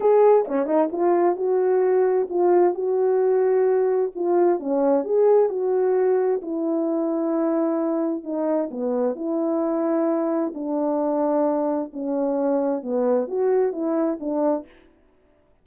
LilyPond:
\new Staff \with { instrumentName = "horn" } { \time 4/4 \tempo 4 = 131 gis'4 cis'8 dis'8 f'4 fis'4~ | fis'4 f'4 fis'2~ | fis'4 f'4 cis'4 gis'4 | fis'2 e'2~ |
e'2 dis'4 b4 | e'2. d'4~ | d'2 cis'2 | b4 fis'4 e'4 d'4 | }